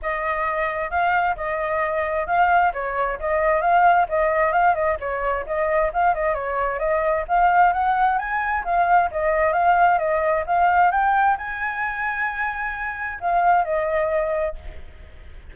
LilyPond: \new Staff \with { instrumentName = "flute" } { \time 4/4 \tempo 4 = 132 dis''2 f''4 dis''4~ | dis''4 f''4 cis''4 dis''4 | f''4 dis''4 f''8 dis''8 cis''4 | dis''4 f''8 dis''8 cis''4 dis''4 |
f''4 fis''4 gis''4 f''4 | dis''4 f''4 dis''4 f''4 | g''4 gis''2.~ | gis''4 f''4 dis''2 | }